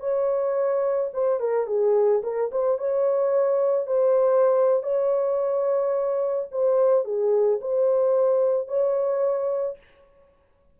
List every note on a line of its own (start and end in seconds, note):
0.00 1.10 C#5
1.13 1.40 C5
1.40 1.67 A#4
1.67 2.22 G#4
2.23 2.51 A#4
2.51 2.78 C5
2.78 3.87 C#5
3.87 4.83 C5
4.83 6.48 C#5
6.51 7.05 C5
7.05 7.60 G#4
7.61 8.67 C5
8.67 9.78 C#5